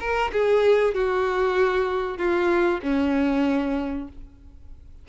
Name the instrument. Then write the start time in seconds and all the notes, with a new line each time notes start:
violin
0.00 A#4
0.32 G#4
0.94 F#4
2.18 F4
2.83 C#4